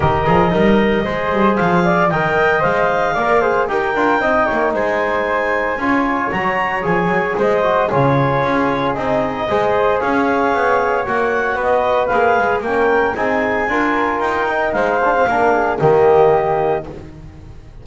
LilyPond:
<<
  \new Staff \with { instrumentName = "clarinet" } { \time 4/4 \tempo 4 = 114 dis''2. f''4 | g''4 f''2 g''4~ | g''4 gis''2. | ais''4 gis''4 dis''4 cis''4~ |
cis''4 dis''2 f''4~ | f''4 fis''4 dis''4 f''4 | g''4 gis''2 g''4 | f''2 dis''2 | }
  \new Staff \with { instrumentName = "flute" } { \time 4/4 ais'4 dis'4 c''4. d''8 | dis''2 d''8 c''8 ais'4 | dis''8 cis''8 c''2 cis''4~ | cis''2 c''4 gis'4~ |
gis'2 c''4 cis''4~ | cis''2 b'2 | ais'4 gis'4 ais'2 | c''4 ais'8 gis'8 g'2 | }
  \new Staff \with { instrumentName = "trombone" } { \time 4/4 g'8 gis'8 ais'4 gis'2 | ais'4 c''4 ais'8 gis'8 g'8 f'8 | dis'2. f'4 | fis'4 gis'4. fis'8 f'4~ |
f'4 dis'4 gis'2~ | gis'4 fis'2 gis'4 | cis'4 dis'4 f'4. dis'8~ | dis'8 d'16 c'16 d'4 ais2 | }
  \new Staff \with { instrumentName = "double bass" } { \time 4/4 dis8 f8 g4 gis8 g8 f4 | dis4 gis4 ais4 dis'8 d'8 | c'8 ais8 gis2 cis'4 | fis4 f8 fis8 gis4 cis4 |
cis'4 c'4 gis4 cis'4 | b4 ais4 b4 ais8 gis8 | ais4 c'4 d'4 dis'4 | gis4 ais4 dis2 | }
>>